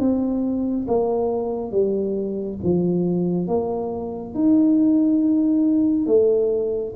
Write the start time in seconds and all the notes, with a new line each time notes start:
0.00 C4
0.88 A#3
1.72 G3
2.64 F3
3.48 A#3
4.35 D#4
6.07 A3